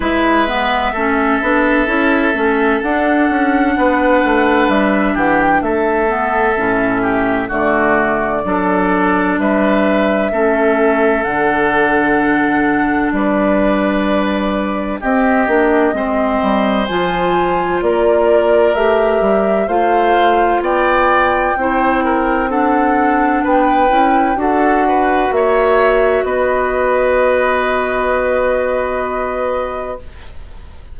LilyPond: <<
  \new Staff \with { instrumentName = "flute" } { \time 4/4 \tempo 4 = 64 e''2. fis''4~ | fis''4 e''8 fis''16 g''16 e''2 | d''2 e''2 | fis''2 d''2 |
dis''2 gis''4 d''4 | e''4 f''4 g''2 | fis''4 g''4 fis''4 e''4 | dis''1 | }
  \new Staff \with { instrumentName = "oboe" } { \time 4/4 b'4 a'2. | b'4. g'8 a'4. g'8 | fis'4 a'4 b'4 a'4~ | a'2 b'2 |
g'4 c''2 ais'4~ | ais'4 c''4 d''4 c''8 ais'8 | a'4 b'4 a'8 b'8 cis''4 | b'1 | }
  \new Staff \with { instrumentName = "clarinet" } { \time 4/4 e'8 b8 cis'8 d'8 e'8 cis'8 d'4~ | d'2~ d'8 b8 cis'4 | a4 d'2 cis'4 | d'1 |
c'8 d'8 c'4 f'2 | g'4 f'2 e'4 | d'4. e'8 fis'2~ | fis'1 | }
  \new Staff \with { instrumentName = "bassoon" } { \time 4/4 gis4 a8 b8 cis'8 a8 d'8 cis'8 | b8 a8 g8 e8 a4 a,4 | d4 fis4 g4 a4 | d2 g2 |
c'8 ais8 gis8 g8 f4 ais4 | a8 g8 a4 b4 c'4~ | c'4 b8 cis'8 d'4 ais4 | b1 | }
>>